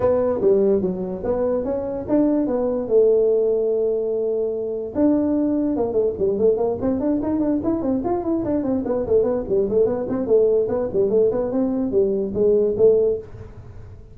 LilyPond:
\new Staff \with { instrumentName = "tuba" } { \time 4/4 \tempo 4 = 146 b4 g4 fis4 b4 | cis'4 d'4 b4 a4~ | a1 | d'2 ais8 a8 g8 a8 |
ais8 c'8 d'8 dis'8 d'8 e'8 c'8 f'8 | e'8 d'8 c'8 b8 a8 b8 g8 a8 | b8 c'8 a4 b8 g8 a8 b8 | c'4 g4 gis4 a4 | }